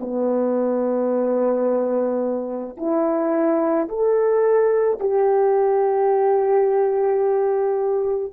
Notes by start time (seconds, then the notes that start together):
0.00 B3
2.77 E4
3.88 A4
4.99 G4